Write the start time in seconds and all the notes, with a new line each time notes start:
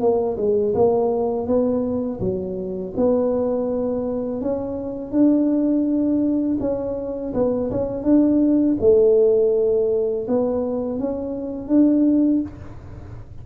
0.00 A#3
0.37 G#3
0.74 A#3
1.46 B3
2.20 F#3
2.96 B3
4.41 C#4
5.11 D4
6.60 C#4
7.33 B3
7.70 C#4
8.03 D4
8.80 A3
10.27 B3
10.99 C#4
11.68 D4